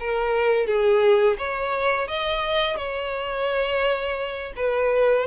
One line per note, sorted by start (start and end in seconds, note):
0.00 0.67 A#4
0.67 1.38 G#4
1.38 2.08 C#5
2.08 2.77 D#5
2.77 4.53 C#5
4.57 5.27 B4